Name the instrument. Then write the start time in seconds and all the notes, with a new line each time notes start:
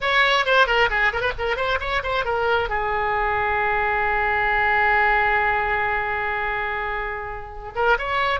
oboe
0.00 C#5
0.45 C5
0.67 A#4
0.90 G#4
1.12 A#4
1.20 B4
1.38 A#4
1.56 C5
1.80 C#5
2.03 C5
2.24 A#4
2.69 G#4
7.75 A#4
7.98 C#5